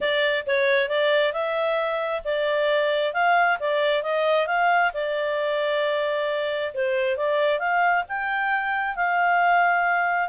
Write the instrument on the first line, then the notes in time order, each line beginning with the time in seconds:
clarinet
0.00 D5
0.46 C#5
0.88 D5
1.32 E5
2.24 D5
3.13 F5
3.59 D5
4.02 D#5
4.47 F5
4.93 D5
6.74 C5
7.16 D5
7.59 F5
8.08 G5
8.96 F5